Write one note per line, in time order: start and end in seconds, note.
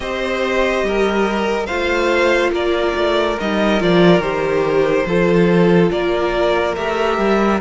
0.00 0.83 C4
0.00 1.67 G4
0.00 0.86 C5
0.00 1.65 D#5
0.83 1.67 G3
0.83 1.66 A#4
1.65 2.51 A3
1.65 3.38 F4
1.65 2.51 C5
1.65 2.50 F5
2.51 2.93 A#3
2.51 5.06 A#4
2.51 3.39 D5
2.94 3.37 A3
3.39 3.81 G3
3.39 3.79 D#4
3.39 3.82 D#5
3.79 4.18 F3
3.79 4.22 F4
3.79 4.21 D5
4.18 5.03 D#3
4.18 5.07 G4
4.18 5.90 C5
5.06 5.90 F3
5.06 6.76 F4
5.06 5.92 A4
5.90 6.76 A#3
5.90 7.61 A#4
5.90 6.75 D5
6.75 7.17 A3
6.75 7.61 G4
6.75 7.60 E5
7.17 7.60 G3